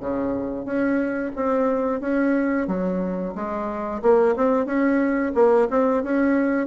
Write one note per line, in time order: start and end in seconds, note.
0.00 0.65 C#3
0.65 1.32 C#4
1.36 2.01 C4
2.01 2.67 C#4
2.67 3.34 F#3
3.35 4.02 G#3
4.02 4.35 A#3
4.36 4.66 C4
4.66 5.32 C#4
5.35 5.68 A#3
5.70 6.03 C4
6.03 6.67 C#4